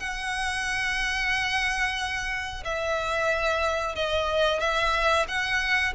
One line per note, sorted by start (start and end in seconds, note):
0.00 2.64 F#5
2.65 3.95 E5
3.95 4.60 D#5
4.60 5.26 E5
5.28 5.94 F#5